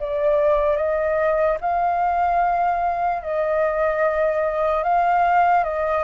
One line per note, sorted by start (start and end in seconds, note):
0.00 0.77 D5
0.77 1.58 D#5
1.60 3.22 F5
3.22 4.84 D#5
4.84 5.64 F5
5.64 6.04 D#5